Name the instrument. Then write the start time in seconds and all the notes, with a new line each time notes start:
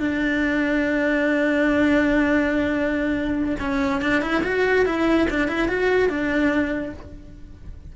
cello
0.00 D4
3.60 C#4
4.02 D4
4.22 E4
4.44 F#4
4.86 E4
5.31 D4
5.48 E4
5.69 F#4
6.10 D4